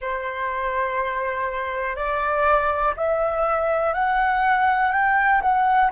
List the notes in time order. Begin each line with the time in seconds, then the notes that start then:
0.00 C5
1.95 D5
2.96 E5
3.93 F#5
4.92 G5
5.41 F#5